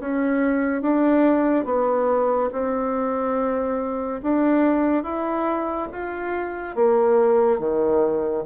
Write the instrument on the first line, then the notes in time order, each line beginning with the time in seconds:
bassoon
0.00 C#4
0.82 D4
1.66 B3
2.52 C4
4.23 D4
5.04 E4
5.93 F4
6.76 A#3
7.59 D#3